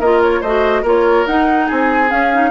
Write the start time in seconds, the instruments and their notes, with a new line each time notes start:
0.00 bassoon A#3, clarinet F4, oboe A#4, flute D#5
0.22 flute C#5
0.41 bassoon A3, clarinet F#4, oboe C5, flute D#5
0.83 bassoon A#3, clarinet F4, oboe A#4, flute C#5
1.27 bassoon D#4, clarinet D#4, flute F#5
1.67 bassoon C4, oboe G#4, flute G#5
2.09 clarinet C#4, bassoon C#4, flute F5
2.34 clarinet D#4